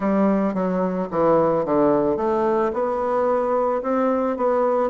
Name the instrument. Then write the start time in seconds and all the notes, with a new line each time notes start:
bassoon
0.00 G3
0.54 F#3
1.11 E3
1.65 D3
2.17 A3
2.73 B3
3.82 C4
4.36 B3